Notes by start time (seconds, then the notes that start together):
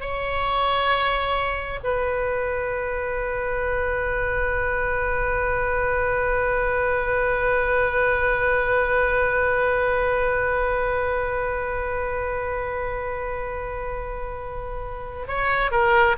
0.00 C#5
1.83 B4
15.27 C#5
15.71 A#4